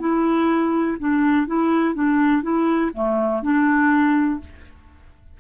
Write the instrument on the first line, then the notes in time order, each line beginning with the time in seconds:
clarinet
0.00 E4
1.00 D4
1.47 E4
1.95 D4
2.43 E4
2.94 A3
3.43 D4